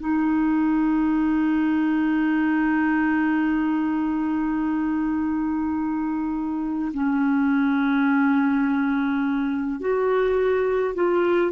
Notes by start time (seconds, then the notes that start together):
0.00 D#4
6.93 C#4
9.80 F#4
10.95 F4